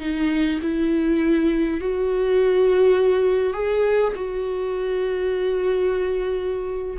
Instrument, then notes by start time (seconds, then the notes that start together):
viola
0.00 D#4
0.62 E4
1.80 F#4
3.53 G#4
4.15 F#4